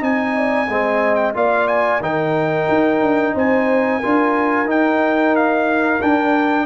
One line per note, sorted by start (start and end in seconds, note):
0.00 0.68 C4
0.00 0.67 D#4
0.00 0.34 D#5
0.00 1.15 G#5
0.36 0.69 D5
0.68 1.35 G#3
0.68 1.34 C4
0.68 1.36 D#5
1.15 1.32 G5
1.34 2.00 A#3
1.34 2.00 F4
1.34 2.03 D5
1.34 1.68 F5
1.68 2.01 G#5
2.00 2.67 D#3
2.00 4.02 D#4
2.00 3.34 A#4
2.00 3.36 G5
2.68 3.01 D#4
3.01 3.34 D4
3.34 4.01 C4
3.34 3.99 C5
3.34 4.70 G#5
3.99 4.64 D4
3.99 4.66 F4
3.99 6.66 A#4
4.64 5.98 D#4
4.64 6.00 D#4
4.64 5.36 G5
5.36 6.02 F5
6.02 6.66 D4
6.02 6.66 G5